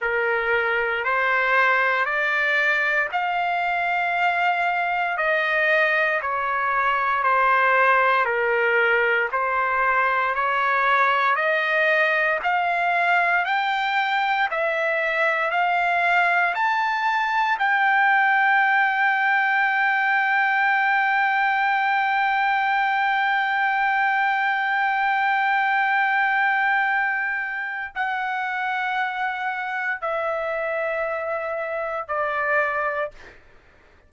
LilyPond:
\new Staff \with { instrumentName = "trumpet" } { \time 4/4 \tempo 4 = 58 ais'4 c''4 d''4 f''4~ | f''4 dis''4 cis''4 c''4 | ais'4 c''4 cis''4 dis''4 | f''4 g''4 e''4 f''4 |
a''4 g''2.~ | g''1~ | g''2. fis''4~ | fis''4 e''2 d''4 | }